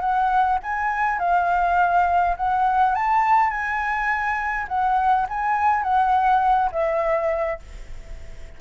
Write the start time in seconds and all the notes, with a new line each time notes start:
0.00 F#5
0.62 G#5
1.19 F5
2.36 F#5
2.95 A5
3.50 G#5
4.68 F#5
5.29 G#5
5.83 F#5
6.72 E5